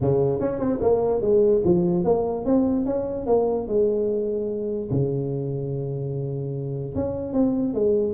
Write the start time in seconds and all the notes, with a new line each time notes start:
0.01 C#3
0.40 C#4
0.59 C4
0.81 A#3
1.21 G#3
1.64 F3
2.04 A#3
2.45 C4
2.85 C#4
3.26 A#3
3.67 G#3
4.91 C#3
6.95 C#4
7.33 C4
7.74 G#3